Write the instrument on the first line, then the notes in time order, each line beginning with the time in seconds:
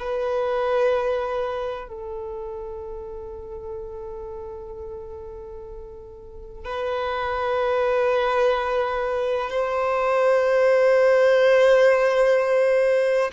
violin
0.00 B4
1.89 A4
6.65 B4
9.51 C5